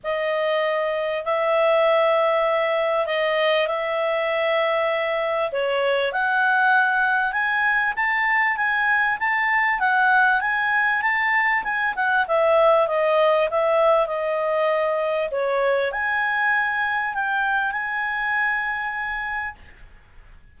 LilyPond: \new Staff \with { instrumentName = "clarinet" } { \time 4/4 \tempo 4 = 98 dis''2 e''2~ | e''4 dis''4 e''2~ | e''4 cis''4 fis''2 | gis''4 a''4 gis''4 a''4 |
fis''4 gis''4 a''4 gis''8 fis''8 | e''4 dis''4 e''4 dis''4~ | dis''4 cis''4 gis''2 | g''4 gis''2. | }